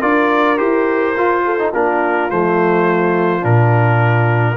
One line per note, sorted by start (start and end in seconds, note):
0.00 0.60 D4
0.00 0.57 F4
0.00 1.43 A#4
0.00 0.57 D5
0.57 1.17 E4
0.57 1.14 G4
0.57 1.72 C5
1.17 1.58 F4
1.17 1.73 F4
1.45 1.72 A4
1.58 1.73 D#4
1.72 2.30 A#3
1.72 2.30 D4
1.72 4.56 F4
1.72 2.30 A#4
2.30 3.44 F3
2.30 3.41 A3
2.30 3.44 C5
3.41 4.56 A#2
3.41 4.55 D4
3.41 4.56 A#4